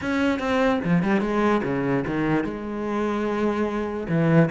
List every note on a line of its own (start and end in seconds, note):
0.01 0.39 C#4
0.39 0.79 C4
0.84 1.02 F3
1.02 1.20 G3
1.20 1.61 G#3
1.63 2.04 C#3
2.06 2.43 D#3
2.43 4.07 G#3
4.09 4.49 E3